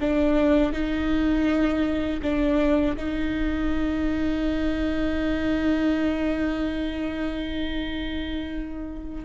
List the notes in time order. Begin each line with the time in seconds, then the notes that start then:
0.00 D4
0.72 D#4
2.22 D4
2.96 D#4